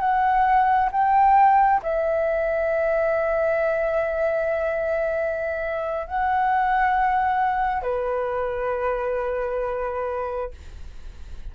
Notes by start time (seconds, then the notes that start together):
0.00 F#5
0.92 G5
1.83 E5
6.07 F#5
7.82 B4